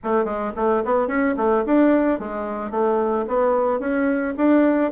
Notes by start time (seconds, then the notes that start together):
0.03 A3
0.24 G#3
0.56 A3
0.85 B3
1.07 C#4
1.36 A3
1.66 D4
2.19 G#3
2.70 A3
3.27 B3
3.79 C#4
4.37 D4